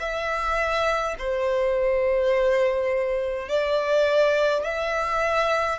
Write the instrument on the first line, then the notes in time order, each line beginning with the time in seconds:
violin
0.00 E5
1.19 C5
3.49 D5
4.64 E5